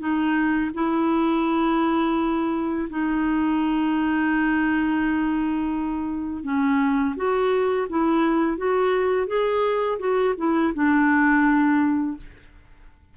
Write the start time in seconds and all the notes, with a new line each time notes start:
0.00 D#4
0.75 E4
2.90 D#4
6.44 C#4
7.17 F#4
7.90 E4
8.58 F#4
9.28 G#4
9.99 F#4
10.38 E4
10.75 D4